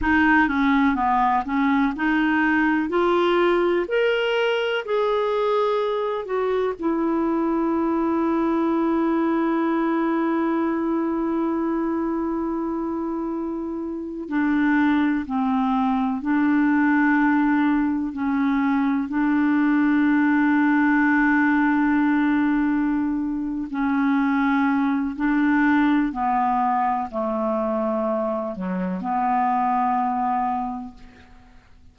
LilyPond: \new Staff \with { instrumentName = "clarinet" } { \time 4/4 \tempo 4 = 62 dis'8 cis'8 b8 cis'8 dis'4 f'4 | ais'4 gis'4. fis'8 e'4~ | e'1~ | e'2~ e'8. d'4 c'16~ |
c'8. d'2 cis'4 d'16~ | d'1~ | d'8 cis'4. d'4 b4 | a4. fis8 b2 | }